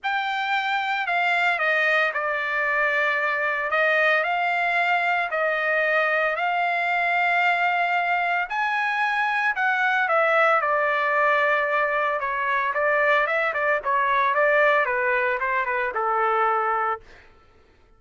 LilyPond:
\new Staff \with { instrumentName = "trumpet" } { \time 4/4 \tempo 4 = 113 g''2 f''4 dis''4 | d''2. dis''4 | f''2 dis''2 | f''1 |
gis''2 fis''4 e''4 | d''2. cis''4 | d''4 e''8 d''8 cis''4 d''4 | b'4 c''8 b'8 a'2 | }